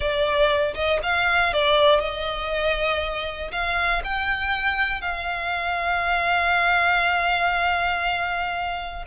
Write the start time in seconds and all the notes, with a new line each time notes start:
0.00 D5
0.74 D#5
1.02 F5
1.53 D5
2.00 D#5
3.51 F5
4.03 G5
5.01 F5